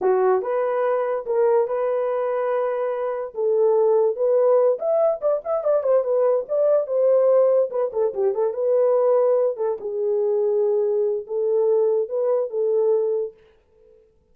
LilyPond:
\new Staff \with { instrumentName = "horn" } { \time 4/4 \tempo 4 = 144 fis'4 b'2 ais'4 | b'1 | a'2 b'4. e''8~ | e''8 d''8 e''8 d''8 c''8 b'4 d''8~ |
d''8 c''2 b'8 a'8 g'8 | a'8 b'2~ b'8 a'8 gis'8~ | gis'2. a'4~ | a'4 b'4 a'2 | }